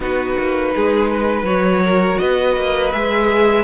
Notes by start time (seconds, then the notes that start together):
0.00 B3 D#4 F#4 B4
0.38 A#3
0.75 G#3 G#4
1.10 B4
1.42 F#3 F#4 C#5
1.83 A#4
2.18 B3 B4 D#5
2.56 A#3
2.92 G#3 G#4 E5